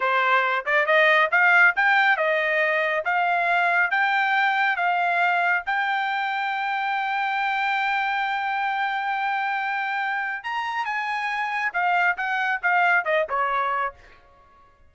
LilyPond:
\new Staff \with { instrumentName = "trumpet" } { \time 4/4 \tempo 4 = 138 c''4. d''8 dis''4 f''4 | g''4 dis''2 f''4~ | f''4 g''2 f''4~ | f''4 g''2.~ |
g''1~ | g''1 | ais''4 gis''2 f''4 | fis''4 f''4 dis''8 cis''4. | }